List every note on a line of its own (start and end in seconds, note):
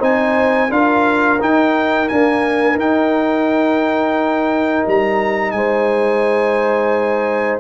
0.00 0.70 C4
0.00 0.69 D#4
0.00 0.69 C5
0.00 0.72 G#5
0.70 1.39 D4
0.70 1.39 F4
0.70 5.56 A#4
0.70 1.41 F5
1.40 2.09 D#4
1.40 2.09 G5
2.09 2.78 A#3
2.09 2.75 D4
2.09 2.78 G#5
2.75 4.82 D#4
2.75 7.60 D#4
2.75 4.87 G5
4.88 5.53 G3
4.88 5.52 A#5
5.52 7.60 G#3
5.52 7.60 C5
5.52 7.59 G#5